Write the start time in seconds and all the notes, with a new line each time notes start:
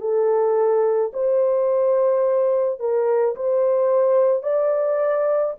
0.00 A4
1.13 C5
2.79 A#4
3.35 C5
4.42 D5